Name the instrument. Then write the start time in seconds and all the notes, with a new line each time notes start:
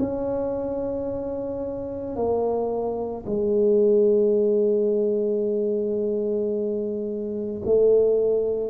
tuba
0.00 C#4
2.16 A#3
3.26 G#3
7.65 A3